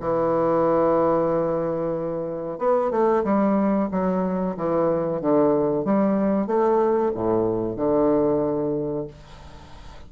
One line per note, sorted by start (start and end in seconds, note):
0.00 2.58 E3
2.58 2.90 B3
2.90 3.23 A3
3.23 3.89 G3
3.91 4.56 F#3
4.56 5.21 E3
5.21 5.85 D3
5.85 6.47 G3
6.47 7.12 A3
7.14 7.76 A2
7.76 9.07 D3